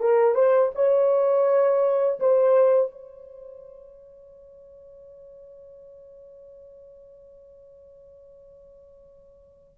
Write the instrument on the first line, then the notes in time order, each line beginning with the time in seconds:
horn
0.00 A#4
0.35 C5
0.75 C#5
2.19 C5
2.91 C#5